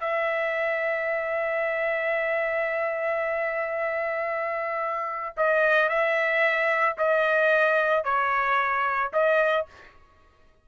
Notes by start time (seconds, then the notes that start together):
0.00 E5
5.37 D#5
5.89 E5
6.97 D#5
8.04 C#5
9.13 D#5